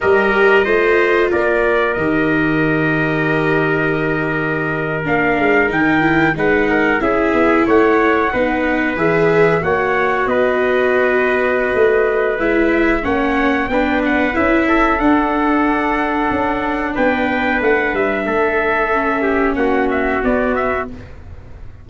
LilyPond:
<<
  \new Staff \with { instrumentName = "trumpet" } { \time 4/4 \tempo 4 = 92 dis''2 d''4 dis''4~ | dis''2.~ dis''8. f''16~ | f''8. g''4 fis''4 e''4 fis''16~ | fis''4.~ fis''16 e''4 fis''4 dis''16~ |
dis''2. e''4 | fis''4 g''8 fis''8 e''4 fis''4~ | fis''2 g''4 fis''8 e''8~ | e''2 fis''8 e''8 d''8 e''8 | }
  \new Staff \with { instrumentName = "trumpet" } { \time 4/4 ais'4 c''4 ais'2~ | ais'1~ | ais'4.~ ais'16 b'8 ais'8 gis'4 cis''16~ | cis''8. b'2 cis''4 b'16~ |
b'1 | cis''4 b'4. a'4.~ | a'2 b'2 | a'4. g'8 fis'2 | }
  \new Staff \with { instrumentName = "viola" } { \time 4/4 g'4 f'2 g'4~ | g'2.~ g'8. d'16~ | d'8. dis'8 e'8 dis'4 e'4~ e'16~ | e'8. dis'4 gis'4 fis'4~ fis'16~ |
fis'2. e'4 | cis'4 d'4 e'4 d'4~ | d'1~ | d'4 cis'2 b4 | }
  \new Staff \with { instrumentName = "tuba" } { \time 4/4 g4 a4 ais4 dis4~ | dis2.~ dis8. ais16~ | ais16 gis8 dis4 gis4 cis'8 b8 a16~ | a8. b4 e4 ais4 b16~ |
b2 a4 gis4 | ais4 b4 cis'4 d'4~ | d'4 cis'4 b4 a8 g8 | a2 ais4 b4 | }
>>